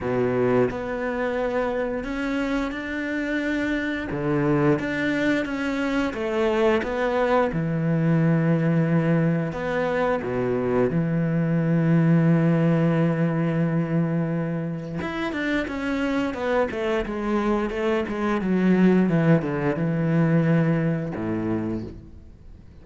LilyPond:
\new Staff \with { instrumentName = "cello" } { \time 4/4 \tempo 4 = 88 b,4 b2 cis'4 | d'2 d4 d'4 | cis'4 a4 b4 e4~ | e2 b4 b,4 |
e1~ | e2 e'8 d'8 cis'4 | b8 a8 gis4 a8 gis8 fis4 | e8 d8 e2 a,4 | }